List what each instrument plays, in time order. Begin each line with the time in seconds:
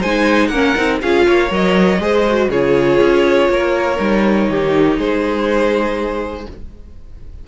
0.00 cello G#3, viola D#4, violin C5 G#5
0.48 cello A#3, violin A#4 F#5
0.54 viola C#4
0.76 cello C4, viola D#4
1.02 cello C#4, viola F4, violin G#4 F5
1.27 cello A#3, violin C#5
1.49 cello F#3, viola A#4, violin D#5
1.99 cello G#3, viola G#4, violin C5
2.28 viola F#4
2.50 cello C#3, viola F4, violin G#4 C#5
3.01 cello C#4
3.49 cello A#3, violin A#4
3.97 cello G3, viola D#4
4.49 cello D#3, violin G4
4.98 cello G#3, violin G#4 C5